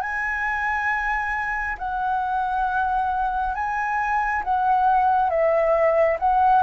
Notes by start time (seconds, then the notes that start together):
0.00 G#5
1.78 F#5
3.54 G#5
4.44 F#5
5.29 E5
6.19 F#5